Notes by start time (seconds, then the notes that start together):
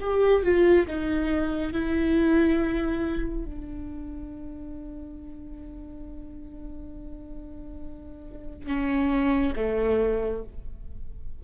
0.00 G4
0.43 F4
0.87 D#4
1.73 E4
3.45 D4
8.67 C#4
9.56 A3